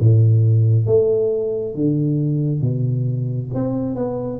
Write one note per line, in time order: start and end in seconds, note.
0.00 0.86 A2
0.86 1.74 A3
1.74 2.61 D3
2.61 3.49 B2
3.54 3.95 C4
3.95 4.39 B3